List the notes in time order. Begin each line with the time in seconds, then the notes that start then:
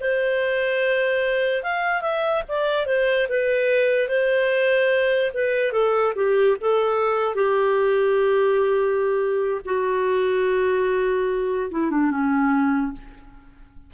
0.00 C5
1.63 F5
2.01 E5
2.48 D5
2.86 C5
3.29 B4
4.08 C5
5.33 B4
5.72 A4
6.15 G4
6.61 A4
7.35 G4
9.65 F#4
11.71 E4
11.90 D4
12.10 C#4